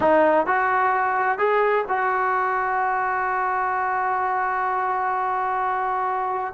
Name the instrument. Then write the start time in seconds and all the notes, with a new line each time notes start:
trombone
0.00 D#4
0.46 F#4
1.38 G#4
1.88 F#4